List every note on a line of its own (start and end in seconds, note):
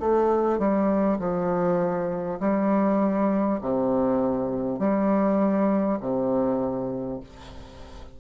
0.00 0.58 A3
0.58 1.18 G3
1.19 2.39 F3
2.40 3.60 G3
3.61 4.79 C3
4.79 5.99 G3
6.00 7.20 C3